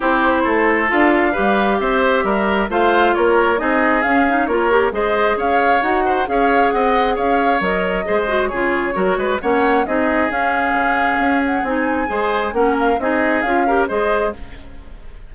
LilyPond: <<
  \new Staff \with { instrumentName = "flute" } { \time 4/4 \tempo 4 = 134 c''2 f''2 | e''2 f''4 cis''4 | dis''4 f''4 cis''4 dis''4 | f''4 fis''4 f''4 fis''4 |
f''4 dis''2 cis''4~ | cis''4 fis''4 dis''4 f''4~ | f''4. fis''8 gis''2 | fis''8 f''8 dis''4 f''4 dis''4 | }
  \new Staff \with { instrumentName = "oboe" } { \time 4/4 g'4 a'2 b'4 | c''4 ais'4 c''4 ais'4 | gis'2 ais'4 c''4 | cis''4. c''8 cis''4 dis''4 |
cis''2 c''4 gis'4 | ais'8 b'8 cis''4 gis'2~ | gis'2. c''4 | ais'4 gis'4. ais'8 c''4 | }
  \new Staff \with { instrumentName = "clarinet" } { \time 4/4 e'2 f'4 g'4~ | g'2 f'2 | dis'4 cis'8 dis'8 f'8 g'8 gis'4~ | gis'4 fis'4 gis'2~ |
gis'4 ais'4 gis'8 fis'8 f'4 | fis'4 cis'4 dis'4 cis'4~ | cis'2 dis'4 gis'4 | cis'4 dis'4 f'8 g'8 gis'4 | }
  \new Staff \with { instrumentName = "bassoon" } { \time 4/4 c'4 a4 d'4 g4 | c'4 g4 a4 ais4 | c'4 cis'4 ais4 gis4 | cis'4 dis'4 cis'4 c'4 |
cis'4 fis4 gis4 cis4 | fis8 gis8 ais4 c'4 cis'4 | cis4 cis'4 c'4 gis4 | ais4 c'4 cis'4 gis4 | }
>>